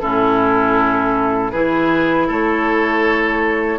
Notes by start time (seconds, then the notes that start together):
0.00 A2 C#4 E4 A4
1.51 E3 E4 G#4 B4
2.28 A3 A4 C#5